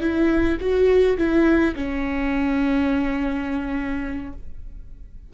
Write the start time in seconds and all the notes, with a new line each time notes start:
0.00 E4
0.60 F#4
1.17 E4
1.75 C#4